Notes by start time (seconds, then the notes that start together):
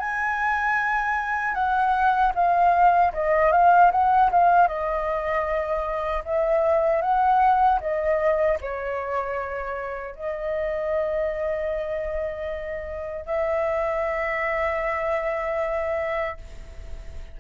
0.00 G#5
1.54 F#5
2.35 F5
3.13 D#5
3.52 F5
3.92 F#5
4.31 F5
4.68 D#5
6.25 E5
7.02 F#5
7.81 D#5
8.61 C#5
10.15 D#5
13.26 E5